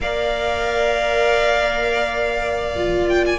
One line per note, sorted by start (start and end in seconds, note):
0.00 3.39 A#3
0.00 2.76 A#4
0.00 3.39 D5
0.00 3.08 F5
2.76 3.37 F4
3.08 3.24 G5
3.26 3.39 G#5